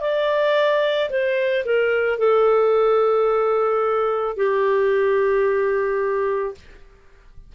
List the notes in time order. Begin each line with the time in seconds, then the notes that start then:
0.00 D5
1.10 C5
1.65 A#4
2.18 A4
4.36 G4